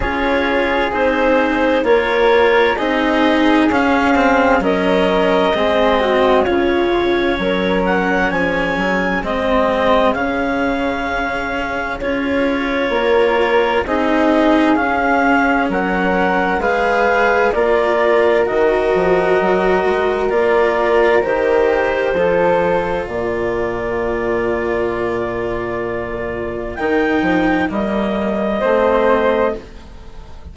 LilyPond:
<<
  \new Staff \with { instrumentName = "clarinet" } { \time 4/4 \tempo 4 = 65 cis''4 c''4 cis''4 dis''4 | f''4 dis''2 cis''4~ | cis''8 fis''8 gis''4 dis''4 f''4~ | f''4 cis''2 dis''4 |
f''4 fis''4 f''4 d''4 | dis''2 d''4 c''4~ | c''4 d''2.~ | d''4 g''4 dis''2 | }
  \new Staff \with { instrumentName = "flute" } { \time 4/4 gis'2 ais'4 gis'4~ | gis'4 ais'4 gis'8 fis'8 f'4 | ais'4 gis'2.~ | gis'2 ais'4 gis'4~ |
gis'4 ais'4 b'4 ais'4~ | ais'1 | a'4 ais'2.~ | ais'2. c''4 | }
  \new Staff \with { instrumentName = "cello" } { \time 4/4 f'4 dis'4 f'4 dis'4 | cis'8 c'8 cis'4 c'4 cis'4~ | cis'2 c'4 cis'4~ | cis'4 f'2 dis'4 |
cis'2 gis'4 f'4 | fis'2 f'4 g'4 | f'1~ | f'4 dis'4 ais4 c'4 | }
  \new Staff \with { instrumentName = "bassoon" } { \time 4/4 cis'4 c'4 ais4 c'4 | cis'4 fis4 gis4 cis4 | fis4 f8 fis8 gis4 cis4~ | cis4 cis'4 ais4 c'4 |
cis'4 fis4 gis4 ais4 | dis8 f8 fis8 gis8 ais4 dis4 | f4 ais,2.~ | ais,4 dis8 f8 g4 a4 | }
>>